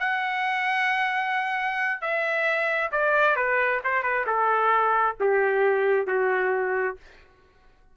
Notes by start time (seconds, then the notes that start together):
0.00 F#5
2.02 E5
2.92 D5
3.36 B4
3.84 C5
4.03 B4
4.27 A4
5.20 G4
6.07 F#4